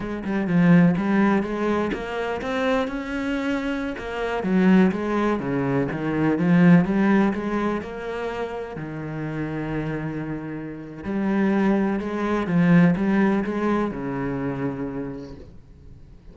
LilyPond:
\new Staff \with { instrumentName = "cello" } { \time 4/4 \tempo 4 = 125 gis8 g8 f4 g4 gis4 | ais4 c'4 cis'2~ | cis'16 ais4 fis4 gis4 cis8.~ | cis16 dis4 f4 g4 gis8.~ |
gis16 ais2 dis4.~ dis16~ | dis2. g4~ | g4 gis4 f4 g4 | gis4 cis2. | }